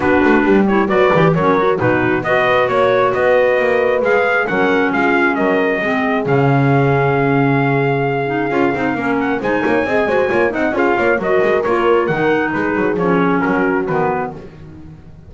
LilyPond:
<<
  \new Staff \with { instrumentName = "trumpet" } { \time 4/4 \tempo 4 = 134 b'4. cis''8 d''4 cis''4 | b'4 dis''4 cis''4 dis''4~ | dis''4 f''4 fis''4 f''4 | dis''2 f''2~ |
f''1~ | f''8 fis''8 gis''2~ gis''8 fis''8 | f''4 dis''4 cis''4 fis''4 | b'4 cis''4 ais'4 b'4 | }
  \new Staff \with { instrumentName = "horn" } { \time 4/4 fis'4 g'4 b'4 ais'4 | fis'4 b'4 cis''4 b'4~ | b'2 ais'4 f'4 | ais'4 gis'2.~ |
gis'1 | ais'4 c''8 cis''8 dis''8 c''8 cis''8 dis''8 | gis'8 cis''8 ais'2. | gis'2 fis'2 | }
  \new Staff \with { instrumentName = "clarinet" } { \time 4/4 d'4. e'8 fis'8 g'8 cis'8 fis'8 | dis'4 fis'2.~ | fis'4 gis'4 cis'2~ | cis'4 c'4 cis'2~ |
cis'2~ cis'8 dis'8 f'8 dis'8 | cis'4 dis'4 gis'8 fis'8 f'8 dis'8 | f'4 fis'4 f'4 dis'4~ | dis'4 cis'2 b4 | }
  \new Staff \with { instrumentName = "double bass" } { \time 4/4 b8 a8 g4 fis8 e8 fis4 | b,4 b4 ais4 b4 | ais4 gis4 fis4 gis4 | fis4 gis4 cis2~ |
cis2. cis'8 c'8 | ais4 gis8 ais8 c'8 gis8 ais8 c'8 | cis'8 ais8 fis8 gis8 ais4 dis4 | gis8 fis8 f4 fis4 dis4 | }
>>